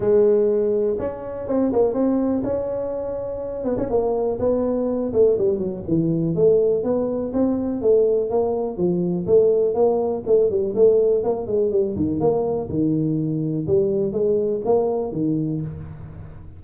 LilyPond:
\new Staff \with { instrumentName = "tuba" } { \time 4/4 \tempo 4 = 123 gis2 cis'4 c'8 ais8 | c'4 cis'2~ cis'8 b16 cis'16 | ais4 b4. a8 g8 fis8 | e4 a4 b4 c'4 |
a4 ais4 f4 a4 | ais4 a8 g8 a4 ais8 gis8 | g8 dis8 ais4 dis2 | g4 gis4 ais4 dis4 | }